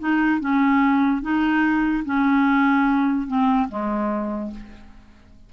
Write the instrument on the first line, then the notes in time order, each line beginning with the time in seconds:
clarinet
0.00 D#4
0.41 C#4
1.22 D#4
2.05 C#4
3.28 C4
3.69 G#3